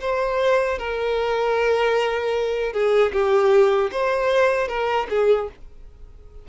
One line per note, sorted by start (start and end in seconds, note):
0.00 0.78 C5
0.78 2.72 A#4
2.72 3.11 G#4
3.12 3.90 G4
3.91 4.68 C5
4.68 5.06 A#4
5.09 5.48 G#4